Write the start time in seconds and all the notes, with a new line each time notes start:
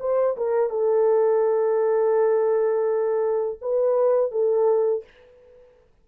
0.00 C5
0.37 A#4
0.70 A4
3.61 B4
4.31 A4